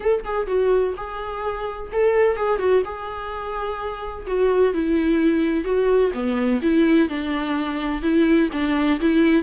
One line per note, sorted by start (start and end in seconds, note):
0.00 0.23 A4
0.24 0.46 G#4
0.46 0.94 F#4
0.96 1.91 G#4
1.92 2.36 A4
2.36 2.59 G#4
2.59 2.82 F#4
2.85 4.26 G#4
4.26 4.73 F#4
4.73 5.64 E4
5.64 6.11 F#4
6.13 6.60 B3
6.62 7.08 E4
7.08 8.02 D4
8.02 8.49 E4
8.52 8.99 D4
9.00 9.43 E4